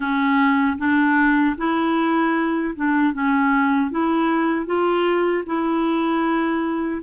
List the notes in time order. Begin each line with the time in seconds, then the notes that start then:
0.00 C#4
0.78 D4
1.57 E4
2.75 D4
3.13 C#4
3.91 E4
4.65 F4
5.45 E4